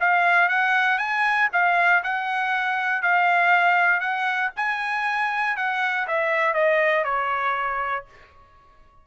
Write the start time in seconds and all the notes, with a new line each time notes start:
0.00 F5
0.49 F#5
0.98 G#5
1.52 F5
2.03 F#5
3.02 F5
4.00 F#5
4.56 G#5
5.56 F#5
6.07 E5
6.54 D#5
7.04 C#5